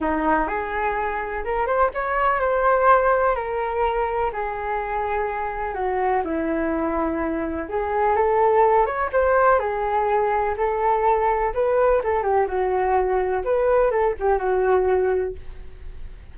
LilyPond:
\new Staff \with { instrumentName = "flute" } { \time 4/4 \tempo 4 = 125 dis'4 gis'2 ais'8 c''8 | cis''4 c''2 ais'4~ | ais'4 gis'2. | fis'4 e'2. |
gis'4 a'4. cis''8 c''4 | gis'2 a'2 | b'4 a'8 g'8 fis'2 | b'4 a'8 g'8 fis'2 | }